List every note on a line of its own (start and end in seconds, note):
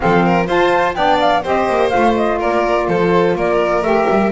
0.00 0.48 F3
0.00 0.46 C4
0.00 0.25 A4
0.00 0.46 F5
0.25 0.47 A#4
0.46 0.94 F4
0.46 0.95 F4
0.46 0.95 C5
0.46 0.94 A5
0.94 1.43 B3
0.94 1.42 D4
0.94 1.42 D5
0.94 1.18 G5
1.20 1.44 F5
1.42 1.69 C4
1.42 1.90 G4
1.42 2.38 C5
1.42 1.89 D#5
1.69 1.93 A#3
1.89 2.41 A3
1.89 3.82 F4
1.89 2.13 F5
2.16 2.40 D#5
2.39 2.88 A#3
2.39 2.87 A#4
2.39 2.88 D5
2.88 3.35 F3
2.88 3.36 A4
2.88 3.36 C5
3.35 3.81 A#3
3.35 4.32 A#4
3.35 3.83 D5
3.81 4.05 A3
3.81 4.32 G4
3.81 4.31 E5
4.09 4.32 G3